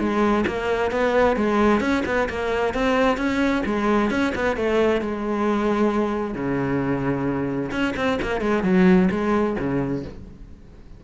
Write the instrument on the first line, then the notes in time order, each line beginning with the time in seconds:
cello
0.00 G#3
0.47 A#3
0.92 B3
1.37 G#3
1.81 C#4
2.06 B3
2.30 A#3
2.75 C4
3.18 C#4
3.66 G#3
4.11 C#4
4.36 B3
4.57 A3
5.02 G#3
6.35 C#3
7.72 C#4
7.97 C4
8.22 A#3
8.41 G#3
8.64 F#3
9.12 G#3
9.59 C#3